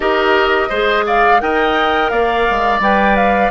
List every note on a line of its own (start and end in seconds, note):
0.00 0.68 D#4
0.00 0.70 G4
0.00 0.69 A#4
0.00 1.05 D#5
0.69 1.41 G#3
0.69 1.39 G#4
0.69 1.04 C5
1.06 1.41 D5
1.06 1.40 F5
1.39 2.11 D#4
1.39 2.80 A#4
1.39 2.11 D#5
1.39 2.09 G5
2.09 2.46 A#3
2.09 3.51 D5
2.09 2.80 F5
2.50 2.79 G#3
2.79 3.50 G3
2.79 3.51 B4
2.79 3.16 G5
3.16 3.51 F5